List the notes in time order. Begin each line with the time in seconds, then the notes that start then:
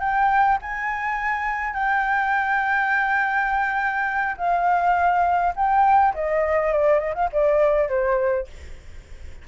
0.00 G5
0.62 G#5
1.74 G5
4.37 F5
5.56 G5
6.14 D#5
6.73 D5
6.99 D#5
7.14 F5
7.32 D5
7.89 C5